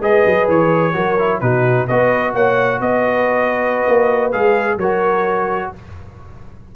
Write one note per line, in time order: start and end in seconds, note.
0.00 0.23 G#3
0.00 0.93 G#4
0.00 0.94 B4
0.00 0.49 D#5
0.25 0.48 F#3
0.48 0.95 E3
0.48 1.40 C#5
0.93 1.41 F#3
0.93 1.16 F#4
0.93 1.41 A#4
1.18 1.41 E4
1.40 1.88 B2
1.40 1.88 D#4
1.40 1.89 F#4
1.40 1.87 B4
1.87 2.34 B3
1.87 4.32 F#4
1.87 2.34 B4
1.87 2.34 D#5
2.34 2.80 A#3
2.34 2.81 C#5
2.34 2.81 F#5
2.80 3.85 B3
2.80 4.79 B4
2.80 4.31 D#5
3.87 4.34 A#3
4.31 4.76 G#3
4.31 4.78 G#4
4.31 4.78 F5
4.76 5.69 F#3
4.76 5.72 A#4
4.76 5.72 C#5
4.82 5.75 F#4